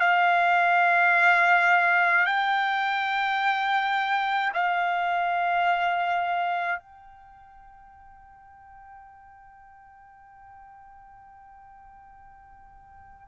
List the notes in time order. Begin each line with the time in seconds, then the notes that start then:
0.00 F5
2.26 G5
4.54 F5
6.80 G5